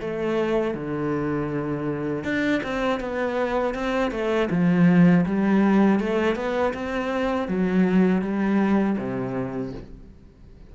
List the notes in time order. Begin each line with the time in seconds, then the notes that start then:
0.00 A3
0.74 D3
2.24 D4
2.63 C4
3.00 B3
3.74 C4
4.11 A3
4.50 F3
5.26 G3
5.99 A3
6.35 B3
6.73 C4
7.48 F#3
8.21 G3
8.97 C3